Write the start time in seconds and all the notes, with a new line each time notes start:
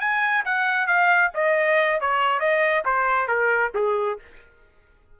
0.00 G#5
0.45 F#5
0.87 F5
1.34 D#5
2.01 C#5
2.39 D#5
2.85 C5
3.28 A#4
3.75 G#4